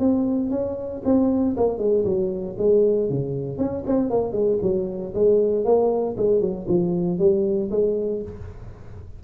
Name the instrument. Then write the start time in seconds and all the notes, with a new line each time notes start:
tuba
0.00 C4
0.51 C#4
1.05 C4
1.57 A#3
1.79 G#3
2.05 F#3
2.59 G#3
3.10 C#3
3.58 C#4
3.86 C4
4.10 A#3
4.33 G#3
4.62 F#3
5.15 G#3
5.65 A#3
6.17 G#3
6.41 F#3
6.68 F3
7.19 G3
7.71 G#3